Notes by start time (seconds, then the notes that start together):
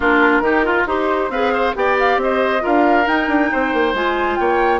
0.00 A#3 D4 F4 A#4
0.40 D#3 D#4 G4
0.64 F4
0.86 D#4 G4 C5
1.29 C4 G#4 B4 F5
1.53 C5
1.74 B3 G4 D5 G5
1.99 F5
2.16 C4 D#5
2.22 C5
2.60 F4 A#4 F5
2.66 D4
3.06 D#4 G5
3.28 D4
3.51 C4 C5
3.73 A#3
3.93 G#3 F4 G#5
4.35 A#3 C#5 G5